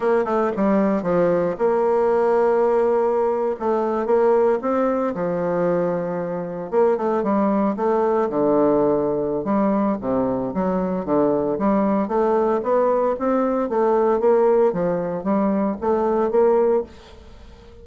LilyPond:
\new Staff \with { instrumentName = "bassoon" } { \time 4/4 \tempo 4 = 114 ais8 a8 g4 f4 ais4~ | ais2~ ais8. a4 ais16~ | ais8. c'4 f2~ f16~ | f8. ais8 a8 g4 a4 d16~ |
d2 g4 c4 | fis4 d4 g4 a4 | b4 c'4 a4 ais4 | f4 g4 a4 ais4 | }